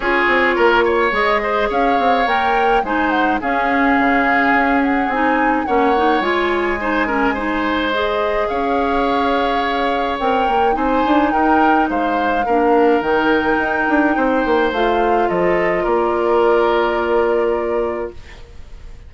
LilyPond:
<<
  \new Staff \with { instrumentName = "flute" } { \time 4/4 \tempo 4 = 106 cis''2 dis''4 f''4 | g''4 gis''8 fis''8 f''2~ | f''8 fis''8 gis''4 fis''4 gis''4~ | gis''2 dis''4 f''4~ |
f''2 g''4 gis''4 | g''4 f''2 g''4~ | g''2 f''4 dis''4 | d''1 | }
  \new Staff \with { instrumentName = "oboe" } { \time 4/4 gis'4 ais'8 cis''4 c''8 cis''4~ | cis''4 c''4 gis'2~ | gis'2 cis''2 | c''8 ais'8 c''2 cis''4~ |
cis''2. c''4 | ais'4 c''4 ais'2~ | ais'4 c''2 a'4 | ais'1 | }
  \new Staff \with { instrumentName = "clarinet" } { \time 4/4 f'2 gis'2 | ais'4 dis'4 cis'2~ | cis'4 dis'4 cis'8 dis'8 f'4 | dis'8 cis'8 dis'4 gis'2~ |
gis'2 ais'4 dis'4~ | dis'2 d'4 dis'4~ | dis'2 f'2~ | f'1 | }
  \new Staff \with { instrumentName = "bassoon" } { \time 4/4 cis'8 c'8 ais4 gis4 cis'8 c'8 | ais4 gis4 cis'4 cis4 | cis'4 c'4 ais4 gis4~ | gis2. cis'4~ |
cis'2 c'8 ais8 c'8 d'8 | dis'4 gis4 ais4 dis4 | dis'8 d'8 c'8 ais8 a4 f4 | ais1 | }
>>